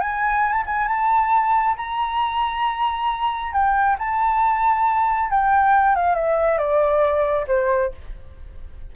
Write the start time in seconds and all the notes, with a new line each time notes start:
0.00 G#5
0.52 A5
0.66 G#5
0.88 A5
1.76 A#5
3.52 G5
3.98 A5
5.30 G5
5.95 F5
6.15 E5
6.57 D5
7.47 C5